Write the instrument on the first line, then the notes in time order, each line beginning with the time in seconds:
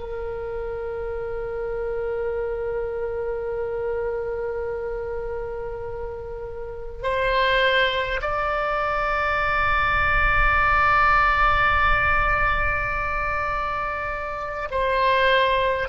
oboe
0.00 A#4
7.03 C5
8.22 D5
14.71 C5